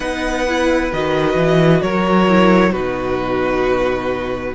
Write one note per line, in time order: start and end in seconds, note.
0.00 0.91 B3
0.00 0.45 D#4
0.00 1.82 B4
0.00 0.91 F#5
0.48 0.93 E4
0.92 1.35 D#3
0.92 2.28 F#4
0.92 1.81 D#5
1.35 1.80 E3
1.81 2.73 F#3
1.81 2.72 A#4
1.81 2.72 C#5
2.28 2.73 E4
2.72 4.54 B2
2.72 4.55 D#4
2.72 4.53 F#4
2.72 4.54 B4